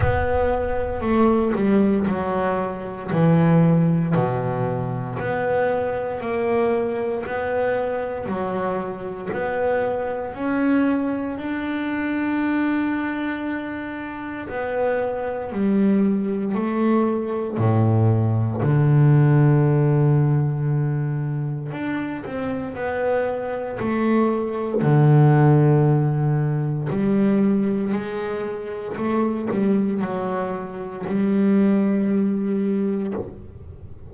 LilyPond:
\new Staff \with { instrumentName = "double bass" } { \time 4/4 \tempo 4 = 58 b4 a8 g8 fis4 e4 | b,4 b4 ais4 b4 | fis4 b4 cis'4 d'4~ | d'2 b4 g4 |
a4 a,4 d2~ | d4 d'8 c'8 b4 a4 | d2 g4 gis4 | a8 g8 fis4 g2 | }